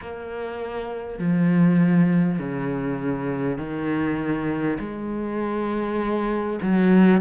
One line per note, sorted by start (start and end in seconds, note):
0.01 1.18 A#3
1.18 2.38 F3
2.38 3.57 C#3
3.57 4.77 D#3
4.79 6.59 G#3
6.62 7.21 F#3